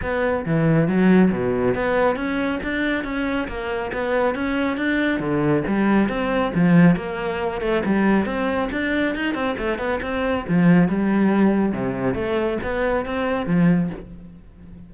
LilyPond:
\new Staff \with { instrumentName = "cello" } { \time 4/4 \tempo 4 = 138 b4 e4 fis4 b,4 | b4 cis'4 d'4 cis'4 | ais4 b4 cis'4 d'4 | d4 g4 c'4 f4 |
ais4. a8 g4 c'4 | d'4 dis'8 c'8 a8 b8 c'4 | f4 g2 c4 | a4 b4 c'4 f4 | }